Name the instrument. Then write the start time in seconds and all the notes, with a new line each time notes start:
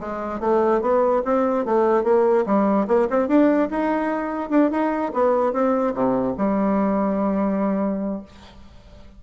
bassoon
0.00 G#3
0.40 A3
0.81 B3
1.25 C4
1.65 A3
2.03 A#3
2.46 G3
2.87 A#3
3.10 C4
3.28 D4
3.70 D#4
4.50 D4
4.71 D#4
5.13 B3
5.53 C4
5.94 C3
6.38 G3